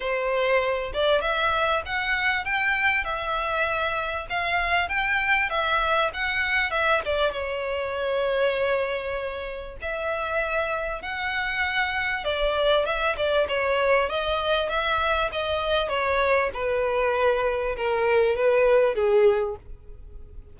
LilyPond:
\new Staff \with { instrumentName = "violin" } { \time 4/4 \tempo 4 = 98 c''4. d''8 e''4 fis''4 | g''4 e''2 f''4 | g''4 e''4 fis''4 e''8 d''8 | cis''1 |
e''2 fis''2 | d''4 e''8 d''8 cis''4 dis''4 | e''4 dis''4 cis''4 b'4~ | b'4 ais'4 b'4 gis'4 | }